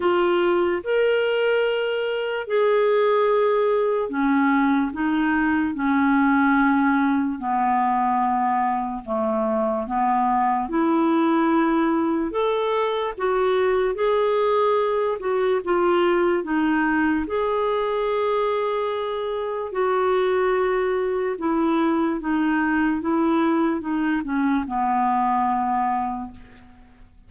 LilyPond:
\new Staff \with { instrumentName = "clarinet" } { \time 4/4 \tempo 4 = 73 f'4 ais'2 gis'4~ | gis'4 cis'4 dis'4 cis'4~ | cis'4 b2 a4 | b4 e'2 a'4 |
fis'4 gis'4. fis'8 f'4 | dis'4 gis'2. | fis'2 e'4 dis'4 | e'4 dis'8 cis'8 b2 | }